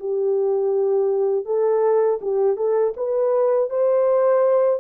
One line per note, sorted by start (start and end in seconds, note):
0.00 1.46 G4
1.46 2.20 A4
2.22 2.57 G4
2.57 2.94 A4
2.97 3.70 B4
3.70 4.80 C5